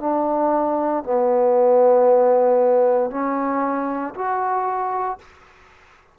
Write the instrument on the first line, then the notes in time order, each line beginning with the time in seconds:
trombone
0.00 D4
1.03 B3
3.10 C#4
4.15 F#4